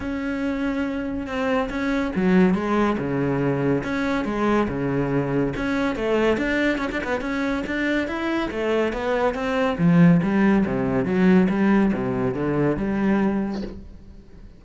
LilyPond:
\new Staff \with { instrumentName = "cello" } { \time 4/4 \tempo 4 = 141 cis'2. c'4 | cis'4 fis4 gis4 cis4~ | cis4 cis'4 gis4 cis4~ | cis4 cis'4 a4 d'4 |
cis'16 d'16 b8 cis'4 d'4 e'4 | a4 b4 c'4 f4 | g4 c4 fis4 g4 | c4 d4 g2 | }